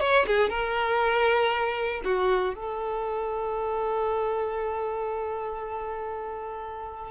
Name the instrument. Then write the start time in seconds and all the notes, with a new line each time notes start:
violin
0.00 C#5
0.27 G#4
0.49 A#4
2.04 F#4
2.55 A4